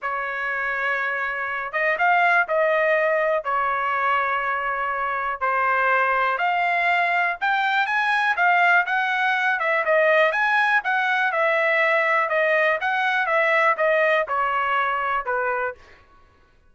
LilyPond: \new Staff \with { instrumentName = "trumpet" } { \time 4/4 \tempo 4 = 122 cis''2.~ cis''8 dis''8 | f''4 dis''2 cis''4~ | cis''2. c''4~ | c''4 f''2 g''4 |
gis''4 f''4 fis''4. e''8 | dis''4 gis''4 fis''4 e''4~ | e''4 dis''4 fis''4 e''4 | dis''4 cis''2 b'4 | }